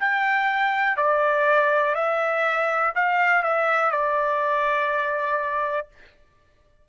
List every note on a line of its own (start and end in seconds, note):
0.00 0.97 G5
0.97 1.95 D5
1.95 2.93 E5
2.96 3.43 F5
3.43 3.92 E5
3.92 5.88 D5